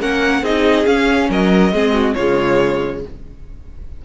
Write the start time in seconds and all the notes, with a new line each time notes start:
0.00 A#3 C#4 A#4 F#5
0.42 C4 D#4 G#4 D#5
0.85 C#4 F5
1.29 F#3 A#4 D#5
1.72 G#3 C4 G#4
1.93 F#4
2.14 C#3 G#3 F4 C#5